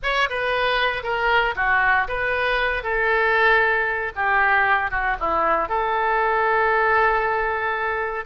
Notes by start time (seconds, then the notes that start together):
0.03 C#5
0.29 B4
1.03 A#4
1.55 F#4
2.08 B4
2.83 A4
4.15 G4
4.90 F#4
5.19 E4
5.68 A4